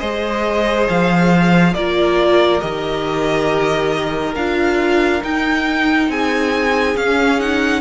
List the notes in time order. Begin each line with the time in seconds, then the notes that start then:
0.00 G#3 G#4 C5 D#5
0.89 F3 F5
1.74 A#3 F4 A#4 D5
2.60 D#3 G4 D#5
4.36 D4 F4 F5
5.22 D#4 G5
6.09 C4 G#4 G#5
6.96 C#4 F5
7.40 D#4 F#5